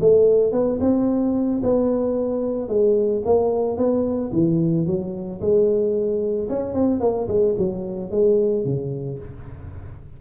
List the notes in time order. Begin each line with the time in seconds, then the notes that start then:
0.00 A3
0.52 B3
0.80 C4
1.63 B3
2.68 G#3
3.25 A#3
3.77 B3
4.32 E3
4.86 F#3
5.40 G#3
6.49 C#4
6.73 C4
7.00 A#3
7.28 G#3
7.57 F#3
8.10 G#3
8.64 C#3